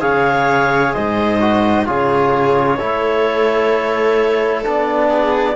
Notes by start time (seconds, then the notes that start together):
0.00 C#3 G#4 C#5 F5
0.93 G#2 C5 D#5
1.41 F#4
1.86 C#3 F4 G#4 C#5
2.78 A3 E4 A4
4.64 B3 D4 D5
5.09 G#4